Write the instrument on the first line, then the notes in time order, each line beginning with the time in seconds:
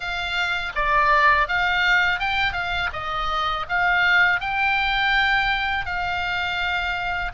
oboe
0.00 F5
0.75 D5
1.47 F5
2.19 G5
2.52 F5
2.92 D#5
3.69 F5
4.40 G5
5.85 F5